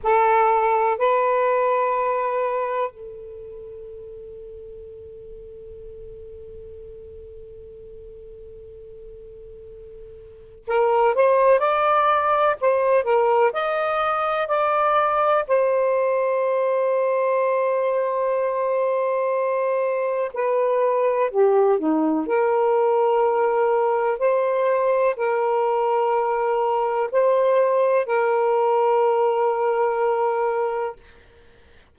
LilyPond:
\new Staff \with { instrumentName = "saxophone" } { \time 4/4 \tempo 4 = 62 a'4 b'2 a'4~ | a'1~ | a'2. ais'8 c''8 | d''4 c''8 ais'8 dis''4 d''4 |
c''1~ | c''4 b'4 g'8 dis'8 ais'4~ | ais'4 c''4 ais'2 | c''4 ais'2. | }